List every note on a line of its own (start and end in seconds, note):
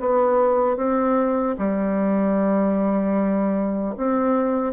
0.00 0.77 B3
0.77 1.56 C4
1.59 3.95 G3
3.97 4.74 C4